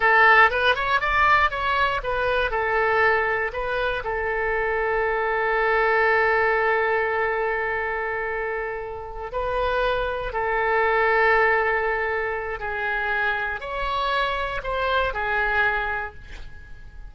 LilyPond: \new Staff \with { instrumentName = "oboe" } { \time 4/4 \tempo 4 = 119 a'4 b'8 cis''8 d''4 cis''4 | b'4 a'2 b'4 | a'1~ | a'1~ |
a'2~ a'8 b'4.~ | b'8 a'2.~ a'8~ | a'4 gis'2 cis''4~ | cis''4 c''4 gis'2 | }